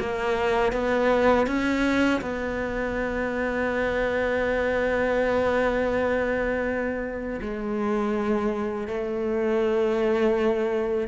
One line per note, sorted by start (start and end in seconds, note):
0.00 0.73 A#3
0.73 1.47 B3
1.47 2.21 C#4
2.22 7.40 B3
7.42 8.88 G#3
8.88 11.08 A3